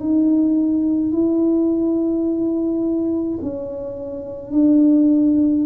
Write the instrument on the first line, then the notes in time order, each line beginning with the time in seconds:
tuba
0.00 D#4
1.13 E4
3.42 C#4
4.53 D4